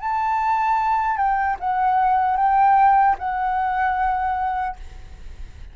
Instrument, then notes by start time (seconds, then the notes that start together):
flute
0.00 A5
1.17 G5
1.60 F#5
2.36 G5
3.18 F#5